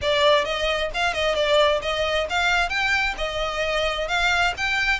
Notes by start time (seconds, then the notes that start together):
0.01 D5
0.44 D#5
0.94 F5
1.13 D#5
1.35 D5
1.82 D#5
2.29 F5
2.69 G5
3.17 D#5
4.08 F5
4.57 G5